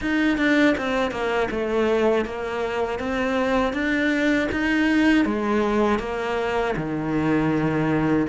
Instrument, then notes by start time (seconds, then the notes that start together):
cello
0.01 D#4
0.37 D4
0.77 C4
1.10 A#3
1.50 A3
2.25 A#3
2.99 C4
3.73 D4
4.51 D#4
5.25 G#3
5.99 A#3
6.76 D#3